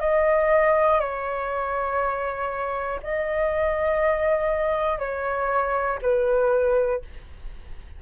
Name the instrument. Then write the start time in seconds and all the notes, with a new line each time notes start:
flute
0.00 D#5
1.00 C#5
3.03 D#5
4.99 C#5
6.02 B4